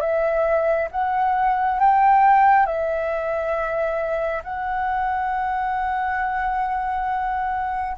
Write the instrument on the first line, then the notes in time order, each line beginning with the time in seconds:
flute
0.00 E5
0.91 F#5
1.80 G5
2.66 E5
4.44 F#5